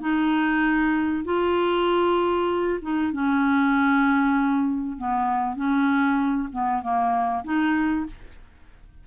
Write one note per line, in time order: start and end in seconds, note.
0.00 1.24 D#4
1.24 2.79 F4
2.81 3.12 D#4
3.12 4.97 C#4
4.97 5.55 B3
5.55 6.48 C#4
6.52 6.82 B3
6.82 7.43 A#3
7.44 8.06 D#4